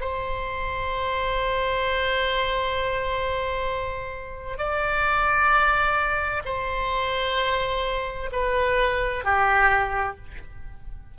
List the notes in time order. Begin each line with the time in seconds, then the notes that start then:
0.00 C5
4.58 D5
6.45 C5
8.32 B4
9.24 G4